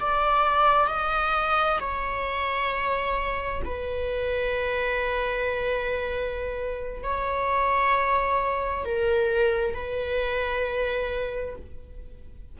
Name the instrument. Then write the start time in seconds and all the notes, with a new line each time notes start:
viola
0.00 D5
0.88 D#5
1.80 C#5
3.64 B4
7.03 C#5
8.85 A#4
9.74 B4